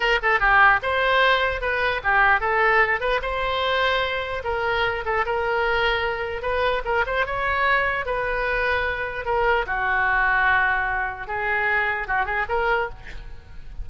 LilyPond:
\new Staff \with { instrumentName = "oboe" } { \time 4/4 \tempo 4 = 149 ais'8 a'8 g'4 c''2 | b'4 g'4 a'4. b'8 | c''2. ais'4~ | ais'8 a'8 ais'2. |
b'4 ais'8 c''8 cis''2 | b'2. ais'4 | fis'1 | gis'2 fis'8 gis'8 ais'4 | }